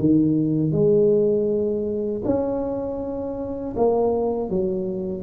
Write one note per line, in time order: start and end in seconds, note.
0.00 0.72 D#3
0.72 2.22 G#3
2.25 3.75 C#4
3.77 4.50 A#3
4.50 5.23 F#3